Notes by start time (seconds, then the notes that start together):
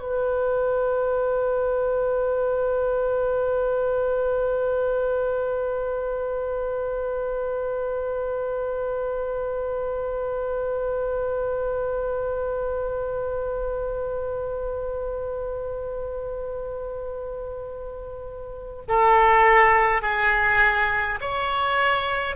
0.00 B4
18.88 A4
20.02 G#4
21.21 C#5